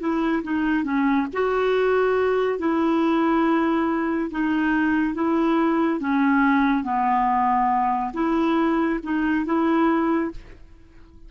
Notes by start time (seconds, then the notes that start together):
0.00 E4
0.44 D#4
0.85 C#4
1.34 F#4
2.59 E4
4.31 D#4
5.15 E4
6.01 C#4
6.84 B3
8.14 E4
9.04 D#4
9.46 E4